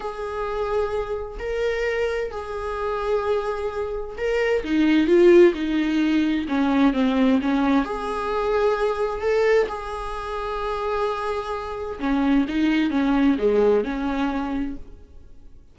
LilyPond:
\new Staff \with { instrumentName = "viola" } { \time 4/4 \tempo 4 = 130 gis'2. ais'4~ | ais'4 gis'2.~ | gis'4 ais'4 dis'4 f'4 | dis'2 cis'4 c'4 |
cis'4 gis'2. | a'4 gis'2.~ | gis'2 cis'4 dis'4 | cis'4 gis4 cis'2 | }